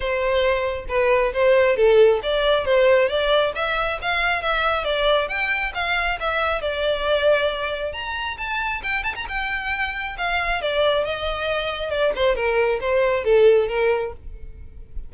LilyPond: \new Staff \with { instrumentName = "violin" } { \time 4/4 \tempo 4 = 136 c''2 b'4 c''4 | a'4 d''4 c''4 d''4 | e''4 f''4 e''4 d''4 | g''4 f''4 e''4 d''4~ |
d''2 ais''4 a''4 | g''8 a''16 ais''16 g''2 f''4 | d''4 dis''2 d''8 c''8 | ais'4 c''4 a'4 ais'4 | }